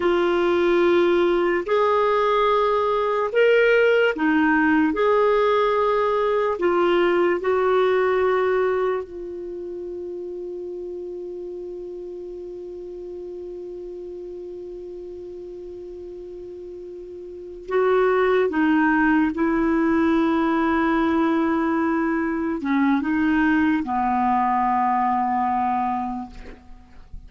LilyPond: \new Staff \with { instrumentName = "clarinet" } { \time 4/4 \tempo 4 = 73 f'2 gis'2 | ais'4 dis'4 gis'2 | f'4 fis'2 f'4~ | f'1~ |
f'1~ | f'4. fis'4 dis'4 e'8~ | e'2.~ e'8 cis'8 | dis'4 b2. | }